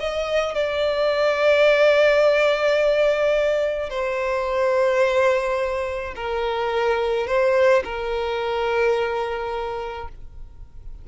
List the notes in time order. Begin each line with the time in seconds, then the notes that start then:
0.00 D#5
0.55 D5
3.90 C5
6.16 A#4
7.27 C5
7.84 A#4